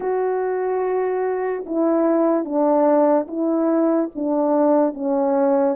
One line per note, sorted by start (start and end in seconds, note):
0.00 1.64 F#4
1.66 2.44 E4
2.44 3.27 D4
3.27 4.09 E4
4.15 4.94 D4
4.94 5.76 C#4